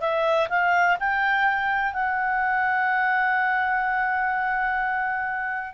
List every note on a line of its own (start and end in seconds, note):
0.00 0.48 E5
0.49 0.97 F5
0.99 1.93 G5
1.93 5.74 F#5